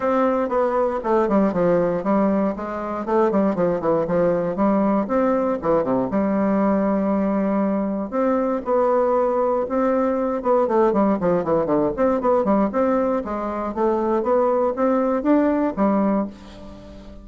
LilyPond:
\new Staff \with { instrumentName = "bassoon" } { \time 4/4 \tempo 4 = 118 c'4 b4 a8 g8 f4 | g4 gis4 a8 g8 f8 e8 | f4 g4 c'4 e8 c8 | g1 |
c'4 b2 c'4~ | c'8 b8 a8 g8 f8 e8 d8 c'8 | b8 g8 c'4 gis4 a4 | b4 c'4 d'4 g4 | }